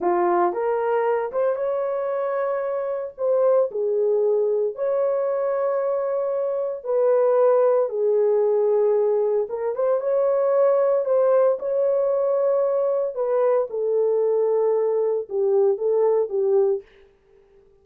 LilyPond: \new Staff \with { instrumentName = "horn" } { \time 4/4 \tempo 4 = 114 f'4 ais'4. c''8 cis''4~ | cis''2 c''4 gis'4~ | gis'4 cis''2.~ | cis''4 b'2 gis'4~ |
gis'2 ais'8 c''8 cis''4~ | cis''4 c''4 cis''2~ | cis''4 b'4 a'2~ | a'4 g'4 a'4 g'4 | }